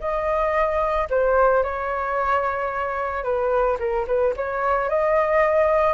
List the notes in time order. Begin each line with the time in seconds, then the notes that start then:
0.00 D#5
1.10 C5
1.63 C#5
3.24 B4
3.79 A#4
4.07 B4
4.36 C#5
4.89 D#5